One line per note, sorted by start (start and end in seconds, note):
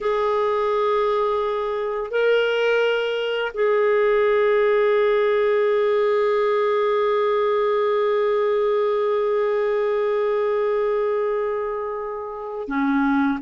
0.00 2.10 G#4
2.10 3.52 A#4
3.54 12.68 G#4
12.68 13.38 C#4